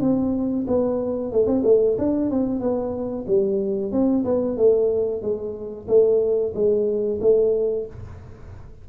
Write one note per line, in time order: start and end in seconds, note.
0.00 0.65 C4
0.67 1.32 B3
1.32 1.46 A3
1.46 1.63 C4
1.64 1.97 A3
1.98 2.30 D4
2.30 2.60 C4
2.60 3.25 B3
3.27 3.91 G3
3.91 4.24 C4
4.24 4.57 B3
4.57 5.22 A3
5.22 5.87 G#3
5.88 6.53 A3
6.54 7.19 G#3
7.21 7.86 A3